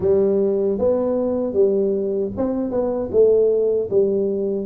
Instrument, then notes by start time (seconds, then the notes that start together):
tuba
0.00 G3
0.78 B3
1.53 G3
2.36 C4
2.70 B3
3.11 A3
3.90 G3